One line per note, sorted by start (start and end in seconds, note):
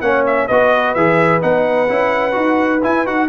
0.00 0.48 A#3
0.00 0.49 C#4
0.00 0.47 C#5
0.00 0.23 F#5
0.26 0.47 E5
0.47 0.95 B3
0.47 0.96 F#4
0.47 3.28 B4
0.47 0.94 D#5
0.94 1.42 E3
0.94 1.41 G#4
0.94 1.40 E5
1.41 1.89 B3
1.41 1.88 D#4
1.41 2.83 F#5
1.89 2.35 C#4
1.89 2.32 E4
2.32 2.82 D#4
2.32 2.79 F#4
2.83 3.05 E4
2.83 3.06 E4
2.83 3.06 G#5
3.05 3.28 D#4
3.05 3.28 F#4
3.05 3.28 F#5